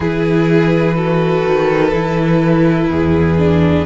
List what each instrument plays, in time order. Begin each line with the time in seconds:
0.00 cello E3, viola E4, violin G#4 B4
0.95 viola F#4, violin A4
1.46 cello D#3
1.91 cello E3, viola E4
2.89 cello E2, violin G#4
3.37 viola D4